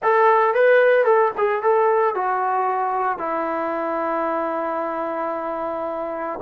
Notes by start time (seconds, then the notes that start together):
0.02 A4
0.54 B4
1.04 A4
1.37 G#4
1.62 A4
2.15 F#4
3.18 E4